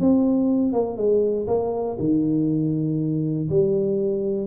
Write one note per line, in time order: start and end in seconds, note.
0.00 0.73 C4
0.73 0.97 A#3
0.97 1.47 G#3
1.47 1.97 A#3
1.99 3.49 D#3
3.50 4.47 G3